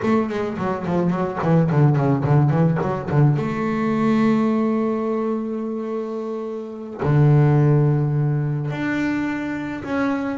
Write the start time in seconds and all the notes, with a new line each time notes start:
0.02 A3
0.29 G#3
0.57 F#3
0.86 F3
1.10 F#3
1.42 E3
1.71 D3
1.96 C#3
2.24 D3
2.50 E3
2.81 F#3
3.10 D3
3.36 A3
7.02 D3
8.70 D4
9.84 C#4